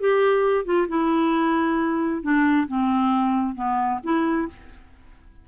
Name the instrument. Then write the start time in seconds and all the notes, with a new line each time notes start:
clarinet
0.00 G4
0.65 F4
0.88 E4
2.22 D4
2.68 C4
3.55 B3
4.04 E4